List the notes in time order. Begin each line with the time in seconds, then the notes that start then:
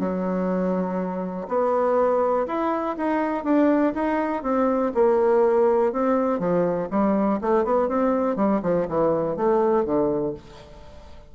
0.00 F#3
1.48 B3
2.47 E4
2.98 D#4
3.44 D4
3.95 D#4
4.43 C4
4.95 A#3
5.93 C4
6.40 F3
6.91 G3
7.42 A3
7.65 B3
7.89 C4
8.37 G3
8.63 F3
8.89 E3
9.37 A3
9.85 D3